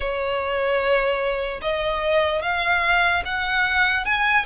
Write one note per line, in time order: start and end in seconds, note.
0.00 1.60 C#5
1.61 2.42 D#5
2.42 3.23 F5
3.25 4.05 F#5
4.05 4.45 G#5